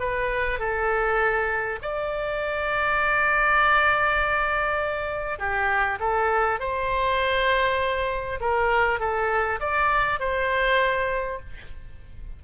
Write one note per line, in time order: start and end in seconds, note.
0.00 0.59 B4
0.59 1.79 A4
1.82 5.39 D5
5.39 5.99 G4
6.00 6.60 A4
6.60 8.40 C5
8.41 9.00 A#4
9.00 9.60 A4
9.61 10.20 D5
10.20 11.40 C5